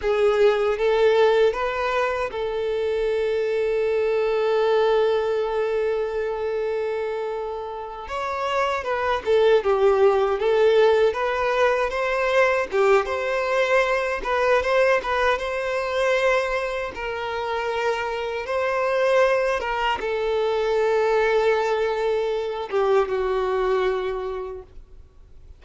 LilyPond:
\new Staff \with { instrumentName = "violin" } { \time 4/4 \tempo 4 = 78 gis'4 a'4 b'4 a'4~ | a'1~ | a'2~ a'8 cis''4 b'8 | a'8 g'4 a'4 b'4 c''8~ |
c''8 g'8 c''4. b'8 c''8 b'8 | c''2 ais'2 | c''4. ais'8 a'2~ | a'4. g'8 fis'2 | }